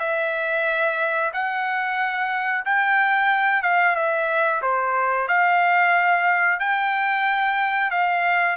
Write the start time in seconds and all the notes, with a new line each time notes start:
0.00 E5
1.33 F#5
2.66 G5
3.63 F5
3.96 E5
4.62 C5
5.28 F5
6.60 G5
7.91 F5